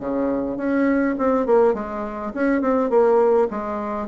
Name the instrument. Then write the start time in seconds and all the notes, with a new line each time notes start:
bassoon
0.00 C#3
0.57 C#4
1.18 C4
1.46 A#3
1.74 G#3
2.35 C#4
2.62 C4
2.90 A#3
3.51 G#3